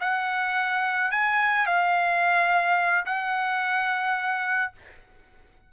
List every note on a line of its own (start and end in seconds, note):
0.00 1.11 F#5
1.11 1.66 G#5
1.66 3.05 F5
3.05 4.72 F#5